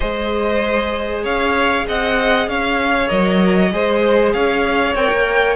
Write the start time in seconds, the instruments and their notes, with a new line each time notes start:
0.00 cello G#3, viola G#4, violin C5 D#5
1.23 cello C#4, violin C#5 F5
1.87 cello C4, violin D#5 F#5
2.47 cello C#4, violin C#5 F5
3.07 cello F#3, viola A#4, violin D#5
3.72 cello G#3, viola G#4, violin C5
4.33 cello C#4, violin C#5 F5
4.95 cello C4, viola A#4, violin G5
5.11 cello A#3